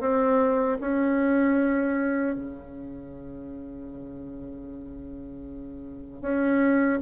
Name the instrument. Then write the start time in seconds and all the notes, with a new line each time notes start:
bassoon
0.00 C4
0.80 C#4
2.36 C#3
6.22 C#4